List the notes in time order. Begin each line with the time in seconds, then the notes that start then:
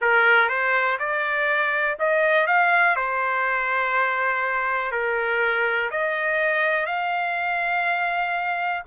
0.01 A#4
0.49 C5
0.99 D5
1.99 D#5
2.46 F5
2.96 C5
4.91 A#4
5.91 D#5
6.86 F5